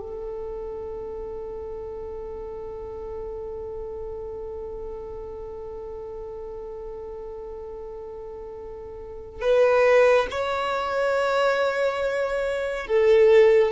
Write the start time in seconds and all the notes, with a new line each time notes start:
0.00 A4
9.42 B4
10.31 C#5
12.87 A4